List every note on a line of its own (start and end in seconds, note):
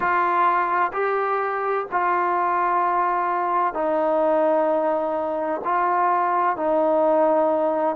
0.00 0.91 F4
0.92 1.86 G4
1.91 3.73 F4
3.73 5.61 D#4
5.64 6.56 F4
6.56 7.95 D#4